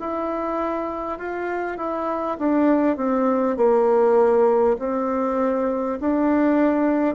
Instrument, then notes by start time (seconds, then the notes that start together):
bassoon
0.00 E4
1.18 F4
1.77 E4
2.38 D4
2.97 C4
3.57 A#3
4.79 C4
6.00 D4